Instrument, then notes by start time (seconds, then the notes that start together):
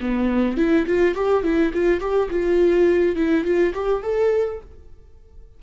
viola
0.00 B3
0.57 E4
0.86 F4
1.14 G4
1.43 E4
1.73 F4
2.00 G4
2.30 F4
3.15 E4
3.44 F4
3.74 G4
4.02 A4